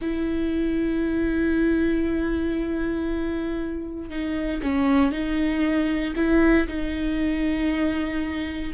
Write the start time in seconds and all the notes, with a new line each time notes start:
0.01 E4
4.10 D#4
4.62 C#4
5.11 D#4
6.16 E4
6.67 D#4